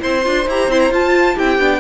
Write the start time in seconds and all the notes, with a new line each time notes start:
0.00 C4 E4 C5 C6
0.23 D4 F4
0.46 E4 G4 A#5
0.68 C4 E4 C6
0.80 A#5
0.91 F4 A5
1.35 C4 E4 G4 G5
1.58 B3 D4